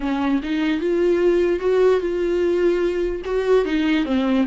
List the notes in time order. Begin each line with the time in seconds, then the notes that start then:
0.00 C#4
0.42 D#4
0.80 F4
1.59 F#4
2.00 F4
3.24 F#4
3.65 D#4
4.05 C4